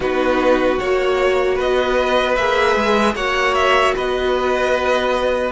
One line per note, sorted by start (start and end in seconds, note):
0.00 0.78 B3
0.00 0.77 D#4
0.00 1.55 F#4
0.00 0.79 B4
0.79 1.59 A#3
0.79 2.37 F#4
0.79 1.58 C#5
1.55 2.36 B3
1.55 3.13 B4
1.55 2.35 D#5
2.35 2.76 A#3
2.35 3.16 G#4
2.35 3.14 E5
2.76 3.15 G#3
3.15 3.94 A#3
3.15 5.51 F#4
3.15 3.95 C#5
3.15 3.54 F#5
3.54 3.94 E5
3.95 5.51 B3
3.95 5.51 B4
3.95 5.51 D#5